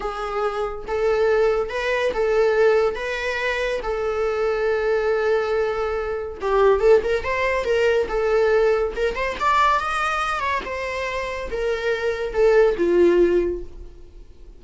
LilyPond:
\new Staff \with { instrumentName = "viola" } { \time 4/4 \tempo 4 = 141 gis'2 a'2 | b'4 a'2 b'4~ | b'4 a'2.~ | a'2. g'4 |
a'8 ais'8 c''4 ais'4 a'4~ | a'4 ais'8 c''8 d''4 dis''4~ | dis''8 cis''8 c''2 ais'4~ | ais'4 a'4 f'2 | }